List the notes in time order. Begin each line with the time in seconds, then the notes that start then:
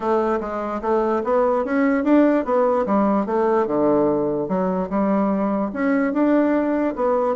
0.00 A3
0.40 G#3
0.81 A3
1.24 B3
1.64 C#4
2.04 D4
2.44 B3
2.86 G3
3.26 A3
3.66 D3
4.48 F#3
4.89 G3
5.73 C#4
6.13 D4
6.95 B3